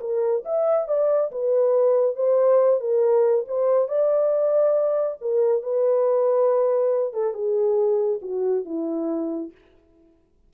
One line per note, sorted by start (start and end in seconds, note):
0.00 0.43 A#4
0.45 0.88 E5
0.88 1.31 D5
1.31 2.16 B4
2.16 2.80 C5
2.80 3.45 A#4
3.47 3.88 C5
3.88 5.18 D5
5.21 5.63 A#4
5.63 7.13 B4
7.13 7.34 A4
7.34 8.20 G#4
8.22 8.65 F#4
8.65 9.51 E4